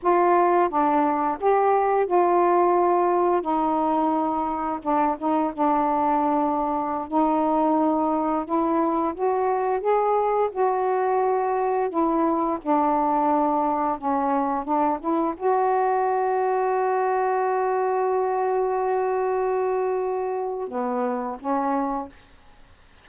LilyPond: \new Staff \with { instrumentName = "saxophone" } { \time 4/4 \tempo 4 = 87 f'4 d'4 g'4 f'4~ | f'4 dis'2 d'8 dis'8 | d'2~ d'16 dis'4.~ dis'16~ | dis'16 e'4 fis'4 gis'4 fis'8.~ |
fis'4~ fis'16 e'4 d'4.~ d'16~ | d'16 cis'4 d'8 e'8 fis'4.~ fis'16~ | fis'1~ | fis'2 b4 cis'4 | }